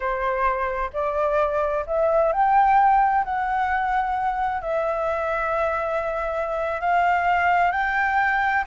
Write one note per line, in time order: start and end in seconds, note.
0.00 0.90 C5
0.93 1.85 D5
1.86 2.32 E5
2.32 3.24 G5
3.24 4.61 F#5
4.61 6.80 E5
6.80 7.71 F5
7.71 8.64 G5